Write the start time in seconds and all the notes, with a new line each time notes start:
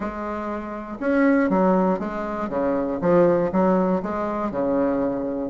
0.00 G#3
1.00 C#4
1.49 F#3
1.99 G#3
2.49 C#3
3.01 F3
3.52 F#3
4.02 G#3
4.51 C#3